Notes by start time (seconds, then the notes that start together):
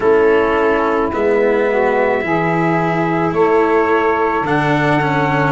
0.00 A3 C#4 E4 A4
1.12 G#3 B3 E5
1.69 F#4
2.21 E3 E4 G#4
3.32 A3 A4 C#5
4.41 D3 D4 F#5
5.01 C#4